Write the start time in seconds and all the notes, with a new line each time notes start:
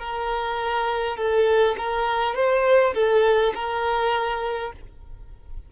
0.00 A#4
1.17 A4
1.78 A#4
2.35 C5
2.95 A4
3.55 A#4